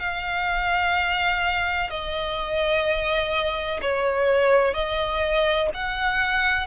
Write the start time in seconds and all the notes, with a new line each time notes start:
0.00 F5
1.90 D#5
3.82 C#5
4.74 D#5
5.74 F#5